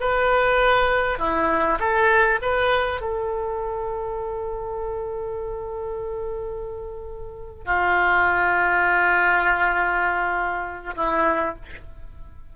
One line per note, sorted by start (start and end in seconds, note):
0.00 1.18 B4
1.18 1.78 E4
1.79 2.39 A4
2.42 3.01 B4
3.01 7.65 A4
7.65 10.95 F4
10.95 11.55 E4